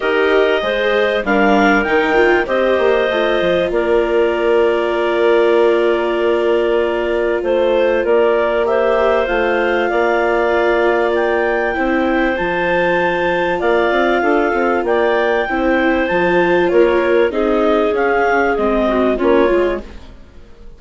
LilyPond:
<<
  \new Staff \with { instrumentName = "clarinet" } { \time 4/4 \tempo 4 = 97 dis''2 f''4 g''4 | dis''2 d''2~ | d''1 | c''4 d''4 e''4 f''4~ |
f''2 g''2 | a''2 f''2 | g''2 a''4 cis''4 | dis''4 f''4 dis''4 cis''4 | }
  \new Staff \with { instrumentName = "clarinet" } { \time 4/4 ais'4 c''4 ais'2 | c''2 ais'2~ | ais'1 | c''4 ais'4 c''2 |
d''2. c''4~ | c''2 d''4 a'4 | d''4 c''2 ais'4 | gis'2~ gis'8 fis'8 f'4 | }
  \new Staff \with { instrumentName = "viola" } { \time 4/4 g'4 gis'4 d'4 dis'8 f'8 | g'4 f'2.~ | f'1~ | f'2 g'4 f'4~ |
f'2. e'4 | f'1~ | f'4 e'4 f'2 | dis'4 cis'4 c'4 cis'8 f'8 | }
  \new Staff \with { instrumentName = "bassoon" } { \time 4/4 dis'4 gis4 g4 dis4 | c'8 ais8 a8 f8 ais2~ | ais1 | a4 ais2 a4 |
ais2. c'4 | f2 ais8 c'8 d'8 c'8 | ais4 c'4 f4 ais4 | c'4 cis'4 gis4 ais8 gis8 | }
>>